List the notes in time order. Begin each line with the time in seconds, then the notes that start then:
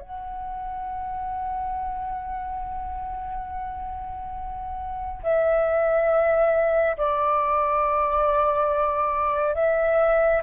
0.00 F#5
5.23 E5
6.97 D5
9.55 E5